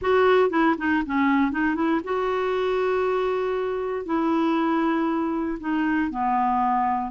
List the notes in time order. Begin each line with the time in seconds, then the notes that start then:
0.01 F#4
0.50 E4
0.78 D#4
1.05 C#4
1.51 D#4
1.75 E4
2.04 F#4
4.05 E4
5.60 D#4
6.11 B3